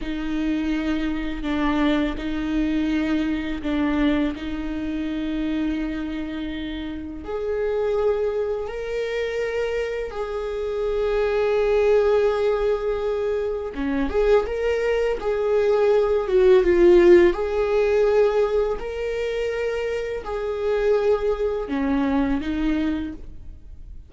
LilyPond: \new Staff \with { instrumentName = "viola" } { \time 4/4 \tempo 4 = 83 dis'2 d'4 dis'4~ | dis'4 d'4 dis'2~ | dis'2 gis'2 | ais'2 gis'2~ |
gis'2. cis'8 gis'8 | ais'4 gis'4. fis'8 f'4 | gis'2 ais'2 | gis'2 cis'4 dis'4 | }